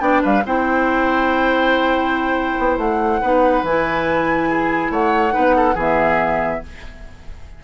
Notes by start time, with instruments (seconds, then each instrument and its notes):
0.00 bassoon B3, clarinet D4, oboe D5, flute G5
0.22 bassoon G3, oboe B4, flute F5
0.44 bassoon C4, clarinet E4, oboe C5, flute G5
2.59 bassoon B3
2.77 bassoon A3, flute F#5
3.21 bassoon B3, clarinet D#4, oboe B4
3.63 bassoon E3, clarinet E4, flute G#5
4.49 oboe G#4
4.90 bassoon A3, oboe C#5, flute F#5
5.30 clarinet D#4, oboe B4
5.37 bassoon B3
5.56 oboe A4
5.74 bassoon E3, clarinet B3, oboe G#4, flute E5